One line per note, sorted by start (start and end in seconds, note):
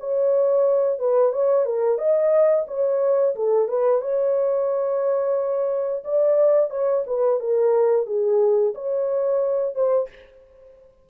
0.00 0.99 C#5
0.99 1.33 B4
1.33 1.66 C#5
1.66 1.98 A#4
1.98 2.66 D#5
2.68 3.35 C#5
3.36 3.69 A4
3.69 4.02 B4
4.02 6.04 C#5
6.05 6.71 D5
6.71 7.04 C#5
7.07 7.40 B4
7.40 8.07 A#4
8.07 8.74 G#4
8.75 9.75 C#5
9.75 10.09 C5